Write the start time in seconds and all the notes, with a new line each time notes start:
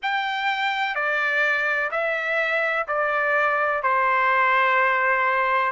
0.02 G5
0.95 D5
1.90 E5
2.87 D5
3.82 C5